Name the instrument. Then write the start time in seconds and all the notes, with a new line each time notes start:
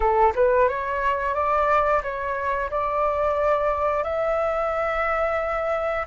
flute
0.00 A4
0.35 B4
0.68 C#5
1.34 D5
2.02 C#5
2.70 D5
4.03 E5